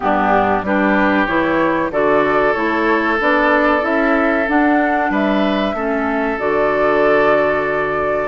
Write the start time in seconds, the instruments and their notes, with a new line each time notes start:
0.00 bassoon G2, clarinet B3, oboe D4, flute G4
0.62 bassoon G3, clarinet D4, oboe G4, flute B4
1.26 bassoon E3, clarinet E4, flute C#5
1.91 bassoon D3, clarinet F#4, oboe A4, flute D5
2.53 bassoon A3, clarinet E4, flute C#5
3.19 bassoon B3, clarinet D4, flute D5
3.80 bassoon C#4, clarinet E4, flute E5
4.48 bassoon D4, clarinet D4, flute F#5
5.10 bassoon G3, oboe B4, flute E5
5.73 bassoon A3, clarinet C#4, oboe A4
6.38 bassoon D3, clarinet F#4, flute D5